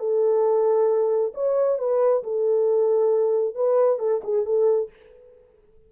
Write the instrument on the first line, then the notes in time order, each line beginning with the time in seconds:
horn
0.00 A4
1.35 C#5
1.79 B4
2.24 A4
3.56 B4
4.00 A4
4.24 G#4
4.46 A4